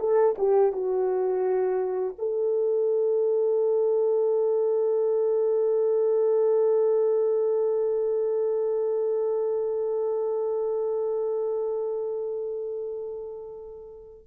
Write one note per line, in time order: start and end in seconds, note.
0.00 0.36 A4
0.38 0.73 G4
0.73 2.16 F#4
2.19 14.27 A4